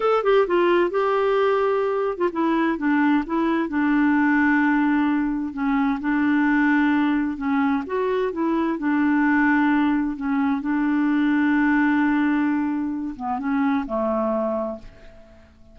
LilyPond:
\new Staff \with { instrumentName = "clarinet" } { \time 4/4 \tempo 4 = 130 a'8 g'8 f'4 g'2~ | g'8. f'16 e'4 d'4 e'4 | d'1 | cis'4 d'2. |
cis'4 fis'4 e'4 d'4~ | d'2 cis'4 d'4~ | d'1~ | d'8 b8 cis'4 a2 | }